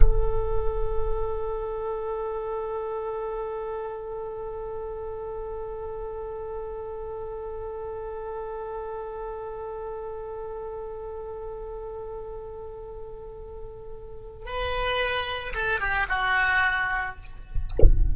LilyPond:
\new Staff \with { instrumentName = "oboe" } { \time 4/4 \tempo 4 = 112 a'1~ | a'1~ | a'1~ | a'1~ |
a'1~ | a'1~ | a'2. b'4~ | b'4 a'8 g'8 fis'2 | }